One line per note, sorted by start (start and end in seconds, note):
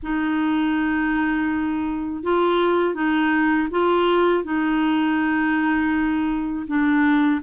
0.02 2.23 D#4
2.23 2.94 F4
2.94 3.68 D#4
3.70 4.44 F4
4.44 6.66 D#4
6.67 7.41 D4